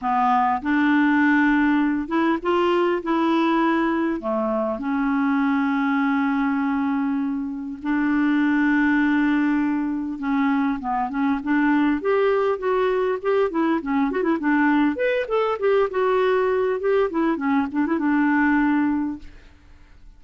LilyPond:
\new Staff \with { instrumentName = "clarinet" } { \time 4/4 \tempo 4 = 100 b4 d'2~ d'8 e'8 | f'4 e'2 a4 | cis'1~ | cis'4 d'2.~ |
d'4 cis'4 b8 cis'8 d'4 | g'4 fis'4 g'8 e'8 cis'8 fis'16 e'16 | d'4 b'8 a'8 g'8 fis'4. | g'8 e'8 cis'8 d'16 e'16 d'2 | }